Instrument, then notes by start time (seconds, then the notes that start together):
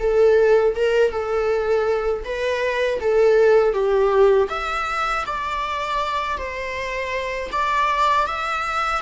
viola
0.00 A4
0.75 A#4
1.11 A4
2.24 B4
3.00 A4
3.73 G4
4.49 E5
5.26 D5
6.38 C5
7.52 D5
8.26 E5